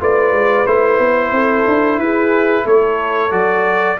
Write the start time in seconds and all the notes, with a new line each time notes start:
0.00 A3 F4 B4 D5
0.32 G#3
0.66 A3 E4 C5
0.99 B3
1.31 C4 A4
1.67 D4
1.98 E4 G#4 B4
2.64 A3 A4 C#5
3.31 F#3 F#4 D5